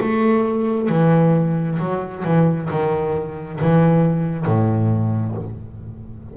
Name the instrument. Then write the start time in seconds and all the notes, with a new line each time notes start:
double bass
0.00 A3
0.89 E3
1.79 F#3
2.25 E3
2.70 D#3
3.61 E3
4.45 A2